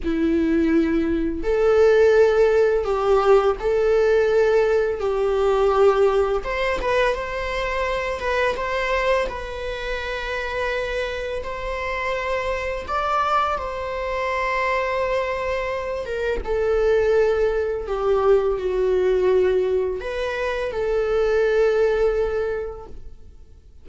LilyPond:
\new Staff \with { instrumentName = "viola" } { \time 4/4 \tempo 4 = 84 e'2 a'2 | g'4 a'2 g'4~ | g'4 c''8 b'8 c''4. b'8 | c''4 b'2. |
c''2 d''4 c''4~ | c''2~ c''8 ais'8 a'4~ | a'4 g'4 fis'2 | b'4 a'2. | }